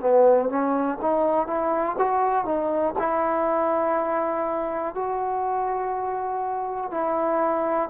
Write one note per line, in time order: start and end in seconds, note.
0.00 0.49 B3
0.49 0.98 C#4
1.01 1.47 D#4
1.47 1.96 E4
1.98 2.45 F#4
2.45 2.94 D#4
2.99 4.95 E4
4.95 6.91 F#4
6.91 7.90 E4